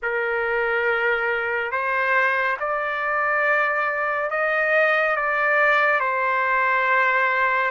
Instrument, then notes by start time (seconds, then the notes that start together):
trumpet
0.02 A#4
1.71 C5
2.59 D5
4.30 D#5
5.16 D5
6.00 C5